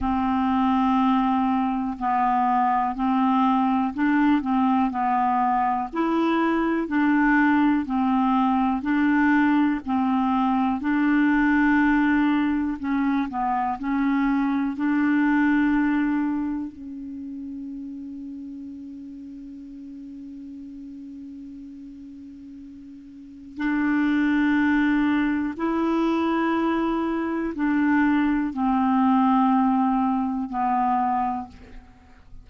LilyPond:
\new Staff \with { instrumentName = "clarinet" } { \time 4/4 \tempo 4 = 61 c'2 b4 c'4 | d'8 c'8 b4 e'4 d'4 | c'4 d'4 c'4 d'4~ | d'4 cis'8 b8 cis'4 d'4~ |
d'4 cis'2.~ | cis'1 | d'2 e'2 | d'4 c'2 b4 | }